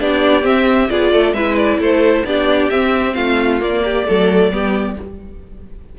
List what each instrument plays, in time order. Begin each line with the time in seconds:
0.00 cello B3, viola D4, violin G4 D5
0.42 viola C4, cello C4, violin E5
0.90 cello B3, viola F4, violin G#4 D5
1.12 cello A3, violin A4
1.33 cello G#3, viola E4, violin B4 E5
1.57 violin D5
1.79 cello A3, violin A4 C5
2.25 cello B3, viola D4, violin G4 D5
2.70 cello C4, viola C4, violin E5
3.15 cello A3, violin F4 F5
3.60 viola A#3, cello A#3, violin D5
3.85 violin G4
4.06 cello F#3, viola A3, violin A4
4.51 cello G3, viola B3, violin G4